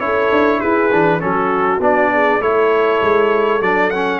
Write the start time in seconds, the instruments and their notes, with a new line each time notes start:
0.00 tuba C#4, trombone E4, horn A4, trumpet C#5
0.32 tuba D4
0.60 tuba E4, horn G#4, trumpet B4
0.92 tuba E3, trombone D4
1.20 tuba F#3, trombone C#4, horn F#4, trumpet A4
1.80 tuba B3, trombone D4, trumpet D5
2.13 horn G#4
2.40 tuba A3, trombone E4, horn A4, trumpet C#5
3.02 tuba G#3
3.60 tuba F#3, trombone D4, trumpet D5
3.91 trombone C#4, trumpet F#5